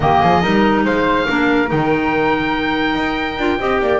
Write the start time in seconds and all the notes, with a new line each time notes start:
0.00 D#3 A#3 G4 D#5
0.21 F3 G#4
0.41 G3 D#4 A#4
0.84 G#3 C5 F5
1.28 A#3 D4 A#4
1.67 D#3 D#4 G5
2.95 D#4
3.37 D4 F4
3.59 C4 G4 D#5
3.81 A#3 D5